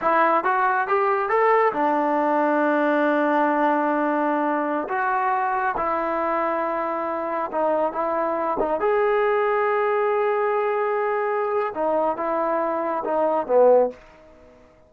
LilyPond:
\new Staff \with { instrumentName = "trombone" } { \time 4/4 \tempo 4 = 138 e'4 fis'4 g'4 a'4 | d'1~ | d'2.~ d'16 fis'8.~ | fis'4~ fis'16 e'2~ e'8.~ |
e'4~ e'16 dis'4 e'4. dis'16~ | dis'16 gis'2.~ gis'8.~ | gis'2. dis'4 | e'2 dis'4 b4 | }